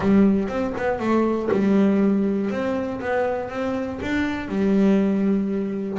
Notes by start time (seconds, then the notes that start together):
0.00 G3
0.48 C4
0.77 B3
0.99 A3
1.51 G3
2.50 C4
3.00 B3
3.49 C4
4.02 D4
4.48 G3